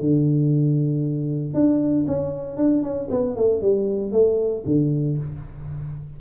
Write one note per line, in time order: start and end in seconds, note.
0.00 1.54 D3
1.54 2.06 D4
2.07 2.57 C#4
2.57 2.83 D4
2.83 3.08 C#4
3.10 3.36 B3
3.36 3.61 A3
3.61 4.12 G3
4.12 4.63 A3
4.66 5.17 D3